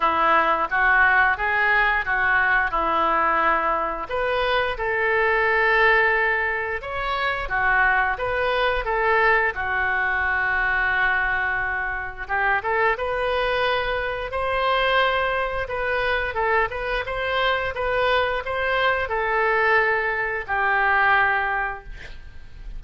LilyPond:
\new Staff \with { instrumentName = "oboe" } { \time 4/4 \tempo 4 = 88 e'4 fis'4 gis'4 fis'4 | e'2 b'4 a'4~ | a'2 cis''4 fis'4 | b'4 a'4 fis'2~ |
fis'2 g'8 a'8 b'4~ | b'4 c''2 b'4 | a'8 b'8 c''4 b'4 c''4 | a'2 g'2 | }